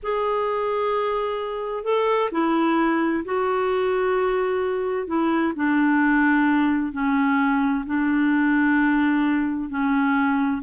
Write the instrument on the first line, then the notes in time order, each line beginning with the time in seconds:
clarinet
0.02 G#4
1.84 A4
2.31 E4
3.24 F#4
5.07 E4
5.55 D4
6.92 C#4
7.86 D4
9.69 C#4